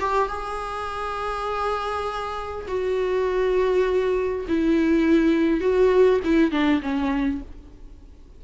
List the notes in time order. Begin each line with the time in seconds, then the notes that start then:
0.00 G4
0.29 G#4
2.68 F#4
4.49 E4
5.61 F#4
6.24 E4
6.52 D4
6.82 C#4